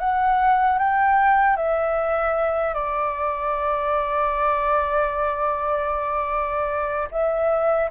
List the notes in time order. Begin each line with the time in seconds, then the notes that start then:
0.00 F#5
0.79 G5
1.57 E5
2.75 D5
7.12 E5